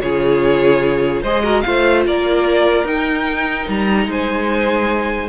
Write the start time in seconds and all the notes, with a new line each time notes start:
0.00 C#3 F4 G#4 C#5
1.21 G#3 G#4 C5 D#5
1.43 F#4 A#4
1.61 A3 F4 C5 F5
2.06 A#3 A#4 D5
2.84 D#4 G5
3.68 G3 A#5
4.06 G#3 C5 G#5